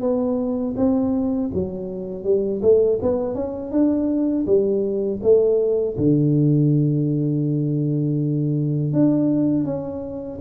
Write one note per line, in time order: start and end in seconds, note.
0.00 0.74 B3
0.76 1.50 C4
1.54 2.24 F#3
2.24 2.61 G3
2.62 2.99 A3
3.02 3.35 B3
3.35 3.71 C#4
3.71 4.46 D4
4.46 5.21 G3
5.22 5.96 A3
5.97 8.93 D3
8.93 9.65 D4
9.65 10.39 C#4